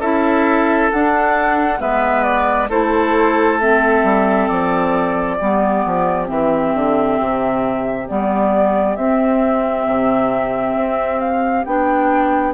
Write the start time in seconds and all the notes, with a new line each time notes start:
0.00 C#4 E4 A4 E5
0.91 D4 F#5
1.78 G#3 B3 B4 E5
2.23 D5
2.69 A3 E4 A4 C5
3.60 C4 E5
4.04 G3
4.48 F3 D5
5.37 G3 B3 G4
5.86 F3
6.26 E3 C4 E5
6.74 D3
7.20 C3
8.08 G3 B3 D5
8.96 C4 E5
9.86 C3
10.75 C4
11.19 F5
11.65 B3 D4 G5